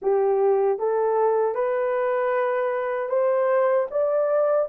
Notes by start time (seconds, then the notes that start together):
0.02 G4
0.79 A4
1.54 B4
3.09 C5
3.91 D5